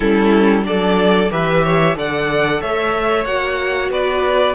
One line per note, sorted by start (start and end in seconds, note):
0.00 0.65 G3
0.00 0.63 C#4
0.00 0.65 E4
0.00 0.64 A4
0.63 1.30 F#3
0.63 1.28 D4
0.63 1.31 A4
0.63 1.31 D5
1.30 1.95 E3
1.30 1.95 G4
1.30 1.63 B4
1.30 1.97 E5
1.63 1.96 C#5
1.95 2.60 D3
1.95 3.25 A4
1.95 2.61 D5
1.95 2.61 F#5
2.61 3.25 A3
2.61 3.90 C#5
2.61 3.25 E5
3.25 3.89 A#3
3.25 4.54 F#4
3.25 3.90 F#5
3.89 4.54 B3
3.89 4.54 B4
3.89 4.54 D5